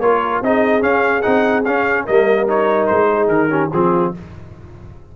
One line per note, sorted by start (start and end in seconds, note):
0.00 0.41 A#3
0.00 0.44 F4
0.00 0.45 A#4
0.00 0.42 C#5
0.42 0.83 C4
0.42 0.81 D#4
0.42 2.05 G#4
0.42 0.83 D#5
0.81 1.23 C#4
0.81 1.24 C#4
0.81 1.23 F5
1.23 1.67 C4
1.23 1.64 D#4
1.23 1.64 F#5
1.65 2.08 C#4
1.65 2.06 F5
2.05 2.91 G3
2.05 2.48 A#3
2.05 3.08 A#4
2.05 2.48 D#5
2.48 3.50 D#4
2.48 2.87 C#5
2.87 3.29 G#3
2.87 3.28 C5
3.11 3.50 G#4
3.29 3.70 D#3
3.29 3.70 A#4
3.50 3.71 C#4
3.50 3.71 G4
3.73 4.14 F3
3.73 4.15 C4
3.73 4.17 F4
3.73 4.14 G#4